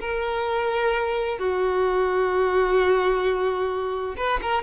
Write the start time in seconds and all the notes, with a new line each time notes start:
0.00 A#4
1.38 F#4
4.17 B4
4.41 A#4